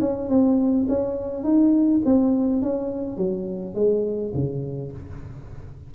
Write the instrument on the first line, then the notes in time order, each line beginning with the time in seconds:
tuba
0.00 C#4
0.29 C4
0.88 C#4
1.43 D#4
2.05 C4
2.62 C#4
3.17 F#3
3.74 G#3
4.34 C#3